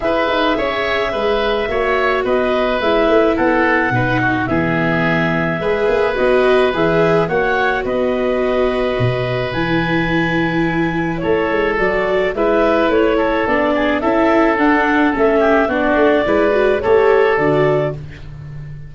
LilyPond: <<
  \new Staff \with { instrumentName = "clarinet" } { \time 4/4 \tempo 4 = 107 e''1 | dis''4 e''4 fis''2 | e''2. dis''4 | e''4 fis''4 dis''2~ |
dis''4 gis''2. | cis''4 d''4 e''4 cis''4 | d''4 e''4 fis''4 e''4 | d''2 cis''4 d''4 | }
  \new Staff \with { instrumentName = "oboe" } { \time 4/4 b'4 cis''4 b'4 cis''4 | b'2 a'4 b'8 fis'8 | gis'2 b'2~ | b'4 cis''4 b'2~ |
b'1 | a'2 b'4. a'8~ | a'8 gis'8 a'2~ a'8 g'8 | fis'4 b'4 a'2 | }
  \new Staff \with { instrumentName = "viola" } { \time 4/4 gis'2. fis'4~ | fis'4 e'2 dis'4 | b2 gis'4 fis'4 | gis'4 fis'2.~ |
fis'4 e'2.~ | e'4 fis'4 e'2 | d'4 e'4 d'4 cis'4 | d'4 e'8 fis'8 g'4 fis'4 | }
  \new Staff \with { instrumentName = "tuba" } { \time 4/4 e'8 dis'8 cis'4 gis4 ais4 | b4 gis8 a8 b4 b,4 | e2 gis8 ais8 b4 | e4 ais4 b2 |
b,4 e2. | a8 gis8 fis4 gis4 a4 | b4 cis'4 d'4 a4 | b8 a8 gis4 a4 d4 | }
>>